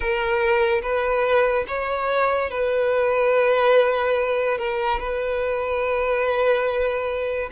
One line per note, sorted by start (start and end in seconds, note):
0.00 0.81 A#4
0.81 1.65 B4
1.67 2.50 C#5
2.50 4.58 B4
4.58 4.99 A#4
4.99 7.49 B4